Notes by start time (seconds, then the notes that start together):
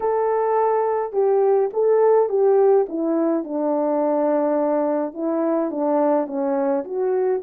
0.00 A4
1.12 G4
1.73 A4
2.29 G4
2.89 E4
3.44 D4
5.13 E4
5.70 D4
6.26 C#4
6.84 F#4